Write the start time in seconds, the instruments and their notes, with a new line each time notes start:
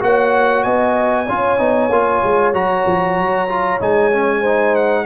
0.00 tuba A#3, trombone F#4, horn C#5, trumpet F#5
0.63 tuba B3, horn D#5, trumpet G#5
1.26 tuba C#4, trombone F4, horn C#5
1.59 tuba B3, trombone D#4
1.90 tuba A#3, trombone F4
2.24 tuba G#3
2.54 tuba F#3, trombone F#4, trumpet A#5
2.86 tuba F3
3.17 tuba F#3
3.49 trombone F4
3.80 tuba G#3, trombone D#4, trumpet G#5
4.12 trombone C#4
4.41 trombone D#4, horn C5
4.76 trumpet F#5